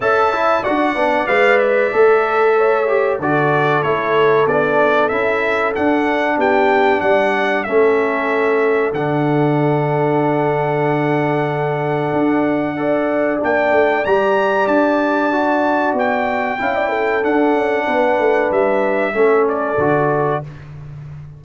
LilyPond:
<<
  \new Staff \with { instrumentName = "trumpet" } { \time 4/4 \tempo 4 = 94 a''4 fis''4 f''8 e''4.~ | e''4 d''4 cis''4 d''4 | e''4 fis''4 g''4 fis''4 | e''2 fis''2~ |
fis''1~ | fis''4 g''4 ais''4 a''4~ | a''4 g''2 fis''4~ | fis''4 e''4. d''4. | }
  \new Staff \with { instrumentName = "horn" } { \time 4/4 e''4 d''2. | cis''4 a'2.~ | a'2 g'4 d''4 | a'1~ |
a'1 | d''1~ | d''2 f''16 d''16 a'4. | b'2 a'2 | }
  \new Staff \with { instrumentName = "trombone" } { \time 4/4 a'8 e'8 fis'8 d'8 b'4 a'4~ | a'8 g'8 fis'4 e'4 d'4 | e'4 d'2. | cis'2 d'2~ |
d'1 | a'4 d'4 g'2 | fis'2 e'4 d'4~ | d'2 cis'4 fis'4 | }
  \new Staff \with { instrumentName = "tuba" } { \time 4/4 cis'4 d'8 b8 gis4 a4~ | a4 d4 a4 b4 | cis'4 d'4 b4 g4 | a2 d2~ |
d2. d'4~ | d'4 ais8 a8 g4 d'4~ | d'4 b4 cis'4 d'8 cis'8 | b8 a8 g4 a4 d4 | }
>>